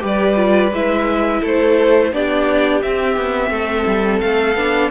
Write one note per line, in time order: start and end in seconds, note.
0.00 0.72 G3
0.00 0.35 G4
0.00 1.40 B4
0.00 0.74 D5
0.36 0.71 F4
0.72 1.41 G#3
0.72 2.13 E4
0.72 1.44 E5
1.40 2.12 A3
1.40 2.10 A4
1.47 2.13 C5
2.12 2.82 B3
2.12 2.82 D4
2.12 3.51 G4
2.12 2.82 D5
2.82 4.56 C4
2.82 3.16 C4
2.82 4.20 E5
3.16 3.50 B3
3.50 3.85 A3
3.50 4.91 A4
3.86 4.21 G3
4.20 4.55 A3
4.20 4.90 F5
4.55 4.90 B3
4.55 4.91 D4